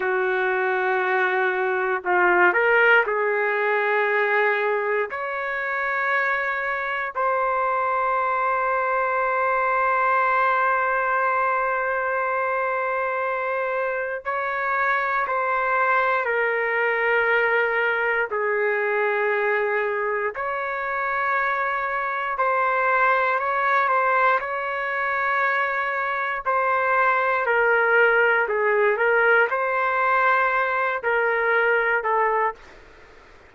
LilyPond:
\new Staff \with { instrumentName = "trumpet" } { \time 4/4 \tempo 4 = 59 fis'2 f'8 ais'8 gis'4~ | gis'4 cis''2 c''4~ | c''1~ | c''2 cis''4 c''4 |
ais'2 gis'2 | cis''2 c''4 cis''8 c''8 | cis''2 c''4 ais'4 | gis'8 ais'8 c''4. ais'4 a'8 | }